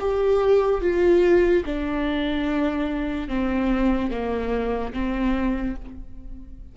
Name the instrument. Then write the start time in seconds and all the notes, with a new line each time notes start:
viola
0.00 G4
0.81 F4
1.66 D4
3.28 C4
4.11 A#3
4.94 C4